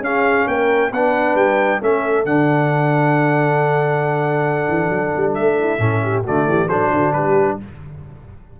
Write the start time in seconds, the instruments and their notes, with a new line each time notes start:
0.00 tuba C#4, trombone C#4, horn G#4, trumpet F5
0.47 tuba A#3, horn A#4, trumpet G5
0.91 tuba B3, trombone D4, horn B4, trumpet F#5
1.35 tuba G3, trumpet G5
1.81 tuba A3, trombone C#4, horn A4, trumpet E5
2.25 tuba D3, trombone D4, trumpet F#5
4.68 tuba E3
4.89 tuba F#3
5.16 tuba G3
5.34 tuba A3, trumpet E5
5.59 horn E4
5.78 tuba A2, trombone C#4, horn A4
6.03 horn G4
6.24 tuba D3, trombone A3, horn F#4, trumpet D5
6.46 tuba E3, horn G4
6.68 tuba F#3, trombone D4, horn A4, trumpet C5
6.91 tuba D3, horn F#4
7.13 tuba G3, horn G4, trumpet B4